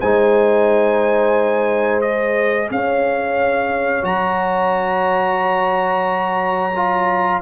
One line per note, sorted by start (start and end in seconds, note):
0.00 2.70 G#3
0.00 2.02 D#4
0.00 2.70 C5
0.00 2.01 G#5
2.01 4.02 G#4
2.01 2.69 D#5
2.70 4.03 C#4
2.70 7.42 C#5
2.70 4.05 F5
4.02 7.40 F#3
4.02 6.72 F#4
4.02 7.42 A#5
6.76 7.42 F4